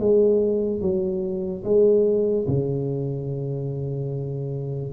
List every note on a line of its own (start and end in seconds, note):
0.00 0.82 G#3
0.82 1.64 F#3
1.64 2.47 G#3
2.48 4.93 C#3